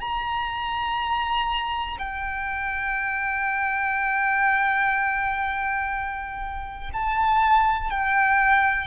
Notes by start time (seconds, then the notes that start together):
0.00 A#5
1.99 G5
6.93 A5
7.90 G5